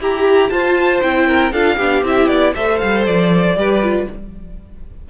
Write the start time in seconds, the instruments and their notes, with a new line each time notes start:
0.00 cello E4, viola G4, violin G4 A#5
0.50 cello F4, viola F4, violin C5 A5
1.02 cello C4, viola E4, violin G5
1.28 violin A#4
1.52 cello D4, viola F4, violin A4 F5
1.77 cello B3, viola D4, violin G4
2.03 cello C4, viola E4, violin E5
2.28 cello B3, violin D5
2.55 cello A3, viola A4, violin C5 E5
2.79 cello G3, violin F5
3.06 cello F3, violin D5
3.56 cello G3, viola G4, violin B4
3.83 viola F4